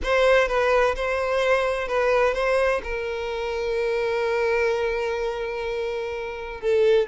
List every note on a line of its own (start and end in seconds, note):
0.03 0.48 C5
0.48 0.95 B4
0.95 1.87 C5
1.87 2.34 B4
2.34 2.81 C5
2.83 6.60 A#4
6.60 7.07 A4